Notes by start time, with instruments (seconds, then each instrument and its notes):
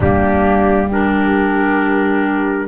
0.00 double bass G3, clarinet A#3, horn D4, trumpet G4
0.87 clarinet D4, horn G4, trumpet A#4